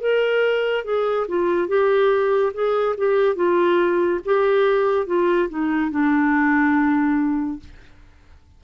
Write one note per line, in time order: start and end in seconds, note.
0.00 0.84 A#4
0.84 1.26 G#4
1.28 1.67 F4
1.67 2.52 G4
2.53 2.95 G#4
2.97 3.35 G4
3.35 4.19 F4
4.25 5.06 G4
5.06 5.48 F4
5.49 5.90 D#4
5.90 7.59 D4